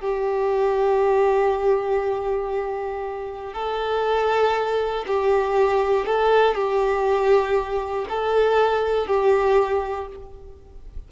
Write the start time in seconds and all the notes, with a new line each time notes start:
0.00 G4
3.53 A4
5.06 G4
6.05 A4
6.54 G4
8.08 A4
9.06 G4